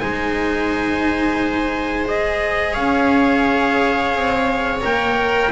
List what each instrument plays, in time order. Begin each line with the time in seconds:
0.00 double bass G#3, cello D#4, viola C5, trumpet G#5
2.05 cello G#4, trumpet D#5
2.73 double bass C#4, viola C#5, trumpet F5
4.14 double bass C4
4.81 double bass A#3, cello A#4, trumpet G5